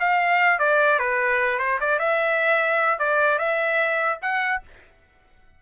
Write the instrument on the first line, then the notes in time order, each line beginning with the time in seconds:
trumpet
0.00 F5
0.59 D5
0.99 B4
1.60 C5
1.81 D5
2.00 E5
3.00 D5
3.39 E5
4.22 F#5